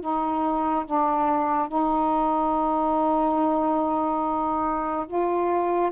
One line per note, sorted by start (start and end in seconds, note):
0.00 0.85 D#4
0.85 1.68 D4
1.68 5.06 D#4
5.07 5.91 F4